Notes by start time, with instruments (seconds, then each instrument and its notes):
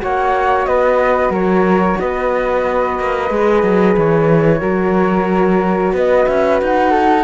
0.00 cello A#3, horn F#4, flute C#5 F#5
0.66 cello B3, flute B4 D#5
1.30 cello F#3, flute A#4 C#5
2.00 cello B3, flute B4 D#5
3.00 cello A#3
3.30 cello G#3, horn G#4
3.63 cello F#3
3.98 cello E3, flute C#5
4.59 cello F#3, horn F#4, flute A#4
5.93 cello B3, flute B4 D#5
6.27 cello C#4, flute E5
6.62 cello D#4, flute F#5
6.91 flute A4